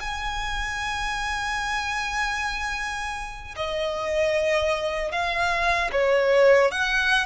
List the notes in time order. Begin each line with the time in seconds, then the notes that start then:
0.00 G#5
3.56 D#5
5.11 F5
5.92 C#5
6.71 F#5